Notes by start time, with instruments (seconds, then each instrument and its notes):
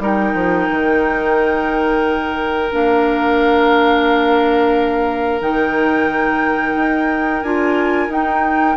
0.00 bassoon G3, clarinet D#4, oboe A#4, flute G5
0.34 bassoon F3
0.70 bassoon D#3
2.71 bassoon A#3, clarinet D4, flute F5
5.41 bassoon D#3, clarinet D#4, flute G5
6.76 bassoon D#4
7.43 bassoon D4, clarinet F4, flute G#5
8.09 bassoon D#4, clarinet D#4, flute G5